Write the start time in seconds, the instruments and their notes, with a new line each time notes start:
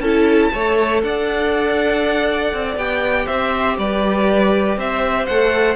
0.00 cello C#4, viola E4, violin A4 A5
0.53 cello A3, viola A4, violin C#5
1.03 cello D4, violin D5 F#5
2.53 cello C4
2.77 cello B3, viola G4, violin G5
3.26 cello C4, violin C5 E5
3.78 cello G3, violin B4 D5
4.77 cello C4, violin C5 E5
5.27 cello A3, viola A4, violin F#5